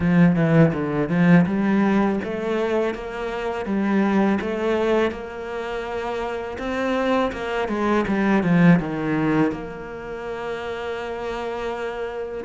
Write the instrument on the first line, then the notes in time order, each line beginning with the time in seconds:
cello
0.00 F3
0.35 E3
0.73 D3
1.09 F3
1.46 G3
2.24 A3
2.94 A#3
3.65 G3
4.40 A3
5.11 A#3
6.58 C4
7.32 A#3
7.68 G#3
8.07 G3
8.43 F3
8.79 D#3
9.51 A#3